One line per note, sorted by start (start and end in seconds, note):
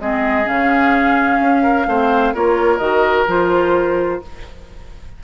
0.00 0.47 G#3
0.00 0.44 C4
0.00 1.62 G#4
0.00 0.47 D#5
0.44 1.40 C#3
0.44 1.84 C#4
0.44 2.35 F5
1.40 1.86 C#4
1.62 1.86 A#4
1.86 2.33 A3
1.86 2.35 C4
1.86 2.33 C5
2.33 2.79 A#3
2.33 2.79 F4
2.33 4.21 A#4
2.33 2.78 C#5
2.78 3.26 D#3
2.78 3.26 F#4
2.78 3.24 D#5
3.27 4.21 F3
3.27 4.22 F4
3.27 4.23 C5